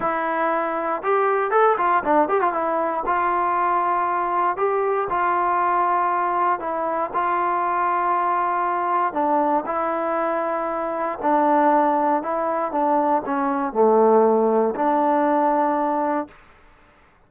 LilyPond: \new Staff \with { instrumentName = "trombone" } { \time 4/4 \tempo 4 = 118 e'2 g'4 a'8 f'8 | d'8 g'16 f'16 e'4 f'2~ | f'4 g'4 f'2~ | f'4 e'4 f'2~ |
f'2 d'4 e'4~ | e'2 d'2 | e'4 d'4 cis'4 a4~ | a4 d'2. | }